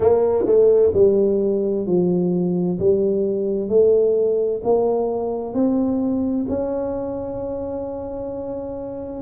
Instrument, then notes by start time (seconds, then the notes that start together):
tuba
0.00 A#3
0.46 A3
0.94 G3
1.86 F3
2.79 G3
3.68 A3
4.63 A#3
5.53 C4
6.48 C#4